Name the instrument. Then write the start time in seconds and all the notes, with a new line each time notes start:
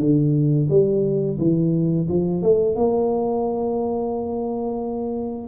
tuba
0.00 D3
0.70 G3
1.39 E3
2.09 F3
2.43 A3
2.76 A#3